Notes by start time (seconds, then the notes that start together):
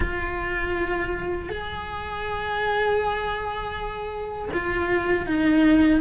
0.00 F4
1.49 G#4
4.53 F4
5.26 D#4